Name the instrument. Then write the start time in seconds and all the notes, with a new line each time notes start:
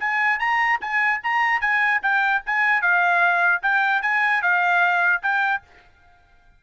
trumpet
0.00 G#5
0.40 A#5
0.81 G#5
1.24 A#5
1.61 G#5
2.03 G5
2.46 G#5
2.82 F5
3.63 G5
4.03 G#5
4.42 F5
5.23 G5